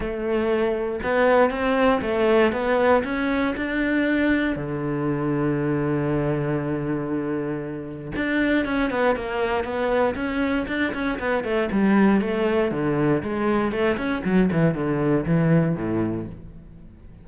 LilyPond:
\new Staff \with { instrumentName = "cello" } { \time 4/4 \tempo 4 = 118 a2 b4 c'4 | a4 b4 cis'4 d'4~ | d'4 d2.~ | d1 |
d'4 cis'8 b8 ais4 b4 | cis'4 d'8 cis'8 b8 a8 g4 | a4 d4 gis4 a8 cis'8 | fis8 e8 d4 e4 a,4 | }